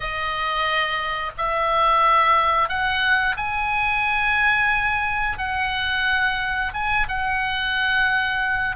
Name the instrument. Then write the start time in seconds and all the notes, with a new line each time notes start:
oboe
0.00 D#5
1.37 E5
2.68 F#5
3.36 G#5
5.37 F#5
6.73 G#5
7.08 F#5